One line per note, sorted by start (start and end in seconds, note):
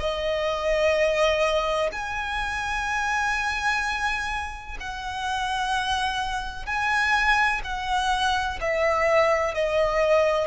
0.00 1.90 D#5
1.93 4.78 G#5
4.81 6.66 F#5
6.66 7.61 G#5
7.64 8.59 F#5
8.61 9.55 E5
9.55 10.48 D#5